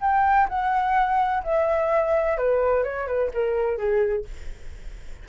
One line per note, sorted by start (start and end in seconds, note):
0.00 0.47 G5
0.48 1.43 F#5
1.43 2.37 E5
2.37 2.83 B4
2.83 3.07 C#5
3.07 3.30 B4
3.33 3.77 A#4
3.77 4.25 G#4